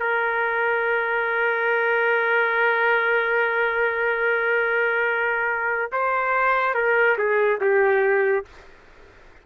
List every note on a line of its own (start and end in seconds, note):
0.00 5.92 A#4
5.92 6.75 C5
6.75 7.17 A#4
7.18 7.61 G#4
7.61 8.46 G4